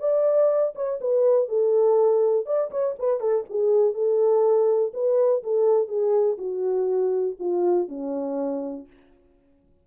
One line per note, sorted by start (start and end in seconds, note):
0.00 0.74 D5
0.76 1.00 C#5
1.01 1.49 B4
1.49 2.46 A4
2.46 2.71 D5
2.71 2.96 C#5
2.99 3.20 B4
3.20 3.45 A4
3.50 3.94 G#4
3.94 4.93 A4
4.94 5.43 B4
5.43 5.88 A4
5.88 6.38 G#4
6.38 7.37 F#4
7.39 7.89 F4
7.89 8.87 C#4